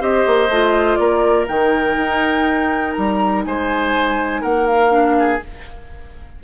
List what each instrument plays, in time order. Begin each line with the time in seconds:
0.00 bassoon C4, clarinet G4, oboe C5, flute D#5
0.27 bassoon A#3
0.49 bassoon A3, clarinet F4
0.96 bassoon A#3, oboe A#4, flute D5
1.48 bassoon D#3, clarinet D#4, flute G5
1.97 bassoon D#4
2.94 bassoon G3, flute A#5
3.45 bassoon G#3, oboe C5, flute G#5
4.42 bassoon A#3, oboe A#4, flute F#5
4.67 flute F5
4.90 clarinet D4
5.19 oboe G#4